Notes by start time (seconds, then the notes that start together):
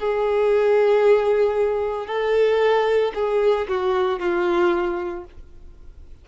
0.00 G#4
2.07 A4
3.15 G#4
3.69 F#4
4.20 F4